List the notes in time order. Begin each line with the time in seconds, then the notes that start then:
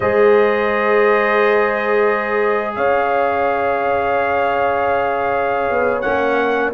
0.00 G#3 G#4 C5 D#5
2.75 C#4 C#5 F5
5.69 B3
6.01 A#3 C#4 F#5